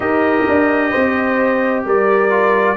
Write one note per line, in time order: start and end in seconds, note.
0.00 0.42 D#4
0.00 2.29 G4
0.00 0.90 A#4
0.00 1.83 D#5
0.47 0.93 D4
0.90 1.85 C4
0.90 1.82 C5
1.85 2.76 G3
1.85 2.76 A#4
1.85 2.76 D5
2.29 2.76 F4